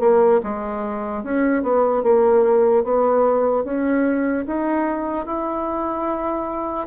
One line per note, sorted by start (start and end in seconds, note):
0.00 0.41 A#3
0.43 1.23 G#3
1.23 1.63 C#4
1.63 2.03 B3
2.03 2.84 A#3
2.84 3.64 B3
3.64 4.46 C#4
4.47 5.26 D#4
5.26 6.87 E4